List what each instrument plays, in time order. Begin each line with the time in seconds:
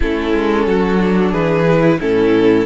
0.00 cello A3, viola C#4, violin E4 A4
0.33 cello G#3
0.66 cello F#3, violin F#4
0.98 viola D4
1.31 cello E3, violin G#4 B4
1.68 viola E4
1.99 cello A2, viola C#4, violin E4 A4